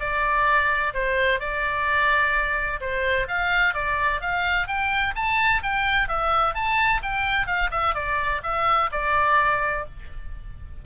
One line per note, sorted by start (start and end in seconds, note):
0.00 0.94 D5
0.94 1.40 C5
1.40 2.81 D5
2.81 3.28 C5
3.28 3.74 F5
3.74 4.21 D5
4.21 4.68 F5
4.68 5.15 G5
5.16 5.62 A5
5.63 6.09 G5
6.09 6.55 E5
6.55 7.02 A5
7.03 7.47 G5
7.47 7.70 F5
7.72 7.95 E5
7.95 8.42 D5
8.44 8.90 E5
8.92 9.86 D5